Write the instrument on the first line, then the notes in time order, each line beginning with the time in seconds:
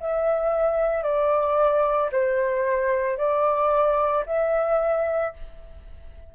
flute
0.00 E5
1.03 D5
2.11 C5
3.17 D5
4.26 E5